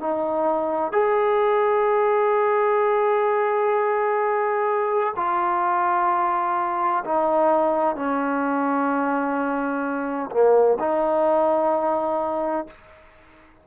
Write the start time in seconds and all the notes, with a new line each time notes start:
0.00 D#4
0.92 G#4
5.16 F4
7.05 D#4
7.96 C#4
10.31 A#3
10.80 D#4